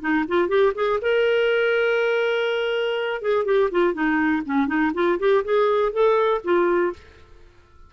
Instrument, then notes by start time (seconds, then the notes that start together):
clarinet
0.00 D#4
0.27 F4
0.48 G4
0.75 G#4
1.01 A#4
3.21 G#4
3.45 G4
3.71 F4
3.93 D#4
4.45 C#4
4.67 D#4
4.94 F4
5.19 G4
5.44 G#4
5.92 A4
6.44 F4